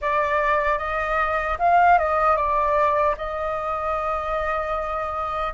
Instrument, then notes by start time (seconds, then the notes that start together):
flute
0.01 D5
0.78 D#5
1.58 F5
1.98 D#5
2.36 D5
3.17 D#5